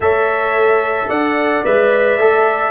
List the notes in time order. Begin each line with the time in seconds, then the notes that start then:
0.00 A3 A4 C#5 E5
1.08 D4 D5 F#5
1.64 G#3 B4 E5
2.17 A3 A4